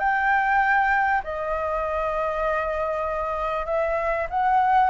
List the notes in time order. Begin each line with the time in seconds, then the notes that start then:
0.00 G5
1.24 D#5
3.66 E5
4.31 F#5